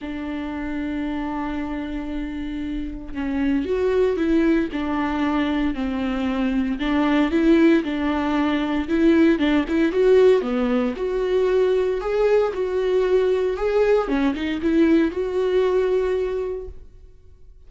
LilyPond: \new Staff \with { instrumentName = "viola" } { \time 4/4 \tempo 4 = 115 d'1~ | d'2 cis'4 fis'4 | e'4 d'2 c'4~ | c'4 d'4 e'4 d'4~ |
d'4 e'4 d'8 e'8 fis'4 | b4 fis'2 gis'4 | fis'2 gis'4 cis'8 dis'8 | e'4 fis'2. | }